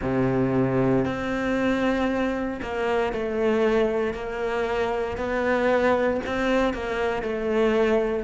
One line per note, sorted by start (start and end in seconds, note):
0.02 1.05 C3
1.05 2.60 C4
2.61 3.12 A#3
3.12 4.13 A3
4.13 5.17 A#3
5.17 6.20 B3
6.25 6.73 C4
6.73 7.22 A#3
7.22 8.24 A3